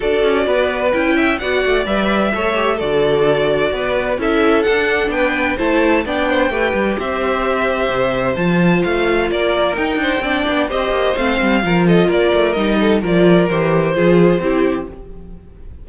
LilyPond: <<
  \new Staff \with { instrumentName = "violin" } { \time 4/4 \tempo 4 = 129 d''2 g''4 fis''4 | e''2 d''2~ | d''4 e''4 fis''4 g''4 | a''4 g''2 e''4~ |
e''2 a''4 f''4 | d''4 g''2 dis''4 | f''4. dis''8 d''4 dis''4 | d''4 c''2. | }
  \new Staff \with { instrumentName = "violin" } { \time 4/4 a'4 b'4. e''8 d''4~ | d''4 cis''4 a'2 | b'4 a'2 b'4 | c''4 d''8 c''8 b'4 c''4~ |
c''1 | ais'4. c''8 d''4 c''4~ | c''4 ais'8 a'8 ais'4. a'8 | ais'2 gis'4 g'4 | }
  \new Staff \with { instrumentName = "viola" } { \time 4/4 fis'2 e'4 fis'4 | b'4 a'8 g'8 fis'2~ | fis'4 e'4 d'2 | e'4 d'4 g'2~ |
g'2 f'2~ | f'4 dis'4 d'4 g'4 | c'4 f'2 dis'4 | f'4 g'4 f'4 e'4 | }
  \new Staff \with { instrumentName = "cello" } { \time 4/4 d'8 cis'8 b4 cis'4 b8 a8 | g4 a4 d2 | b4 cis'4 d'4 b4 | a4 b4 a8 g8 c'4~ |
c'4 c4 f4 a4 | ais4 dis'8 d'8 c'8 b8 c'8 ais8 | a8 g8 f4 ais8 a8 g4 | f4 e4 f4 c'4 | }
>>